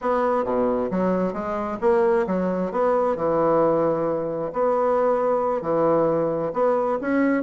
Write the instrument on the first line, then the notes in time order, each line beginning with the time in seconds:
bassoon
0.01 B3
0.44 B2
0.90 F#3
1.33 G#3
1.80 A#3
2.27 F#3
2.71 B3
3.16 E3
4.52 B3
5.61 E3
6.53 B3
7.01 C#4